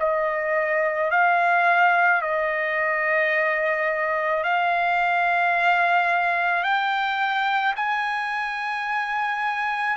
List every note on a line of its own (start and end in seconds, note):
0.00 1.11 D#5
1.11 2.22 F5
2.22 4.44 D#5
4.44 6.64 F5
6.64 7.75 G5
7.76 9.97 G#5